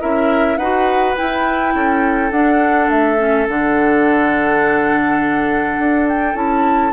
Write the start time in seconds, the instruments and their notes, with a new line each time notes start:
0.00 bassoon C#4, clarinet E4, oboe A#4, flute E5
0.57 bassoon D#4, clarinet F#4, oboe B4, flute F#5
1.16 clarinet E4, bassoon E4, flute G5
1.75 bassoon C#4, oboe A4
2.31 bassoon D4, clarinet D4, flute F#5
2.90 bassoon A3, flute E5
3.18 clarinet C#4
3.48 bassoon D3, clarinet D4, flute F#5
5.79 bassoon D4
6.08 flute G5
6.34 bassoon C#4, clarinet E4, flute A5